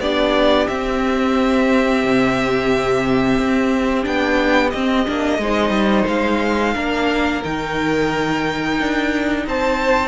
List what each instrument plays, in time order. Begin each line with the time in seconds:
0.00 cello B3, viola D4, violin G4 D5
0.68 cello C4, viola C4, violin E5
2.05 cello C3
3.39 cello C4
4.03 cello B3, viola D4, violin G5
4.71 cello C4, viola C4, violin D#5
5.07 cello A#3, viola D4
5.39 cello G#3, viola D#4, violin C5
5.70 cello G3
6.08 cello G#3, violin F5
6.74 cello A#3, viola D4, violin A#4
7.45 cello D#3, viola D#4, violin G5
8.81 cello D4
9.47 cello C4, violin C5 A5